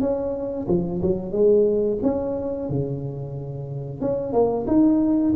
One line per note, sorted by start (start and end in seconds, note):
0.00 0.67 C#4
0.68 1.01 F3
1.02 1.32 F#3
1.32 1.98 G#3
2.02 2.69 C#4
2.69 4.01 C#3
4.01 4.32 C#4
4.32 4.66 A#3
4.67 5.33 D#4